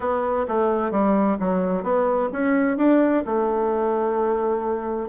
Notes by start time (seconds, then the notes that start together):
0.00 B3
0.47 A3
0.91 G3
1.39 F#3
1.83 B3
2.32 C#4
2.77 D4
3.25 A3